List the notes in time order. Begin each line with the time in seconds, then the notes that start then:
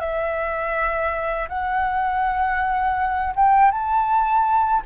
0.00 E5
1.48 F#5
3.36 G5
3.71 A5